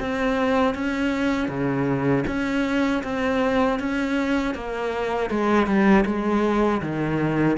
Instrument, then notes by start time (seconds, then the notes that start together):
cello
0.00 C4
0.75 C#4
1.48 C#3
2.27 C#4
3.03 C4
3.79 C#4
4.55 A#3
5.30 G#3
5.67 G3
6.06 G#3
6.82 D#3